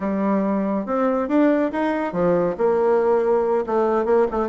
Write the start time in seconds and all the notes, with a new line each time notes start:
0.00 G3
0.86 C4
1.28 D4
1.72 D#4
2.13 F3
2.57 A#3
3.66 A3
4.05 A#3
4.31 A3